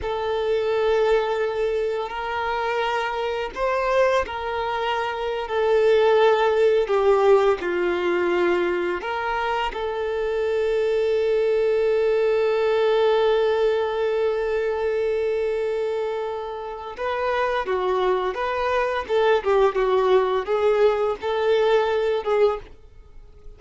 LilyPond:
\new Staff \with { instrumentName = "violin" } { \time 4/4 \tempo 4 = 85 a'2. ais'4~ | ais'4 c''4 ais'4.~ ais'16 a'16~ | a'4.~ a'16 g'4 f'4~ f'16~ | f'8. ais'4 a'2~ a'16~ |
a'1~ | a'1 | b'4 fis'4 b'4 a'8 g'8 | fis'4 gis'4 a'4. gis'8 | }